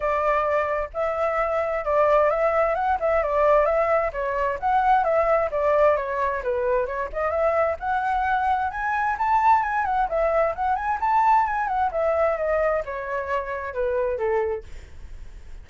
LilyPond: \new Staff \with { instrumentName = "flute" } { \time 4/4 \tempo 4 = 131 d''2 e''2 | d''4 e''4 fis''8 e''8 d''4 | e''4 cis''4 fis''4 e''4 | d''4 cis''4 b'4 cis''8 dis''8 |
e''4 fis''2 gis''4 | a''4 gis''8 fis''8 e''4 fis''8 gis''8 | a''4 gis''8 fis''8 e''4 dis''4 | cis''2 b'4 a'4 | }